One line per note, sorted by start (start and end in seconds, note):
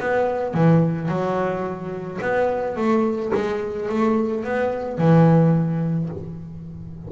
0.00 0.54 B3
0.54 1.08 E3
1.08 2.19 F#3
2.21 2.77 B3
2.77 3.32 A3
3.34 3.89 G#3
3.89 4.44 A3
4.44 4.98 B3
4.98 6.09 E3